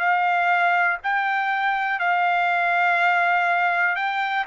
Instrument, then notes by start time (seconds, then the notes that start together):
trumpet
0.00 F5
1.04 G5
2.00 F5
3.96 G5